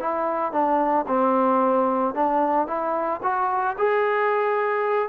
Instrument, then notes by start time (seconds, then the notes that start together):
trombone
0.00 E4
0.52 D4
1.08 C4
2.15 D4
2.67 E4
3.23 F#4
3.78 G#4